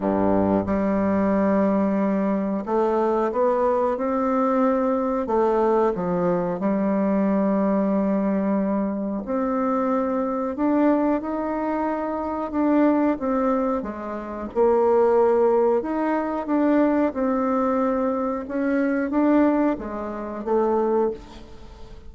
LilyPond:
\new Staff \with { instrumentName = "bassoon" } { \time 4/4 \tempo 4 = 91 g,4 g2. | a4 b4 c'2 | a4 f4 g2~ | g2 c'2 |
d'4 dis'2 d'4 | c'4 gis4 ais2 | dis'4 d'4 c'2 | cis'4 d'4 gis4 a4 | }